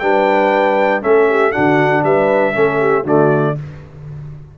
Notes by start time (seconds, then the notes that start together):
0.00 G3 D4 B4 G5
1.02 A3 C#4 A4 E5
1.29 G4
1.52 D3 D4 F#4 F#5
2.04 G3 B4 E5
2.53 A3 C#4 A4
2.80 G4
3.04 D3 A3 F#4 D5